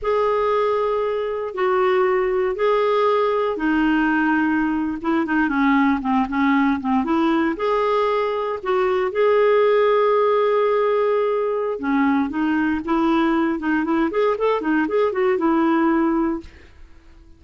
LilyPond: \new Staff \with { instrumentName = "clarinet" } { \time 4/4 \tempo 4 = 117 gis'2. fis'4~ | fis'4 gis'2 dis'4~ | dis'4.~ dis'16 e'8 dis'8 cis'4 c'16~ | c'16 cis'4 c'8 e'4 gis'4~ gis'16~ |
gis'8. fis'4 gis'2~ gis'16~ | gis'2. cis'4 | dis'4 e'4. dis'8 e'8 gis'8 | a'8 dis'8 gis'8 fis'8 e'2 | }